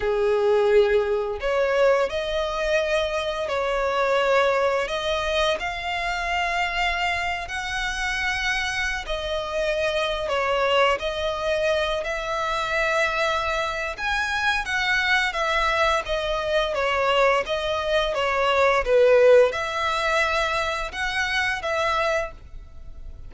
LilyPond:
\new Staff \with { instrumentName = "violin" } { \time 4/4 \tempo 4 = 86 gis'2 cis''4 dis''4~ | dis''4 cis''2 dis''4 | f''2~ f''8. fis''4~ fis''16~ | fis''4 dis''4.~ dis''16 cis''4 dis''16~ |
dis''4~ dis''16 e''2~ e''8. | gis''4 fis''4 e''4 dis''4 | cis''4 dis''4 cis''4 b'4 | e''2 fis''4 e''4 | }